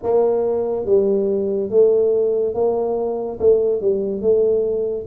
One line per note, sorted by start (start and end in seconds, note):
0.02 0.85 A#3
0.85 1.69 G3
1.70 2.54 A3
2.54 3.38 A#3
3.39 3.81 A3
3.81 4.21 G3
4.21 5.06 A3